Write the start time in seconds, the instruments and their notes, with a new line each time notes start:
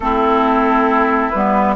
0.00 bassoon A3, clarinet C4, oboe E4, flute A4
1.30 bassoon G3, clarinet B3, flute B4